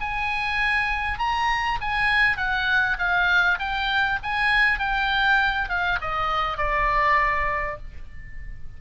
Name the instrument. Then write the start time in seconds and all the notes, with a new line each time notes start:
oboe
0.00 G#5
1.19 A#5
1.81 G#5
2.37 F#5
2.98 F5
3.59 G5
4.23 G#5
4.79 G5
5.69 F5
6.01 D#5
6.57 D5